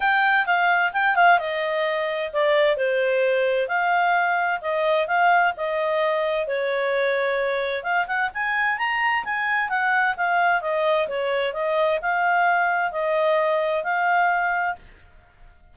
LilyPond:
\new Staff \with { instrumentName = "clarinet" } { \time 4/4 \tempo 4 = 130 g''4 f''4 g''8 f''8 dis''4~ | dis''4 d''4 c''2 | f''2 dis''4 f''4 | dis''2 cis''2~ |
cis''4 f''8 fis''8 gis''4 ais''4 | gis''4 fis''4 f''4 dis''4 | cis''4 dis''4 f''2 | dis''2 f''2 | }